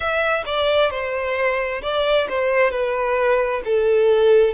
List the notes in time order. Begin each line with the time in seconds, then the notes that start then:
0.00 E5
0.45 D5
0.90 C5
1.82 D5
2.29 C5
2.70 B4
3.64 A4